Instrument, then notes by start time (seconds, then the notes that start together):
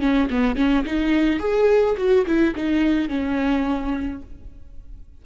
viola
0.00 C#4
0.30 B3
0.56 C#4
0.85 D#4
1.39 G#4
1.97 F#4
2.26 E4
2.55 D#4
3.09 C#4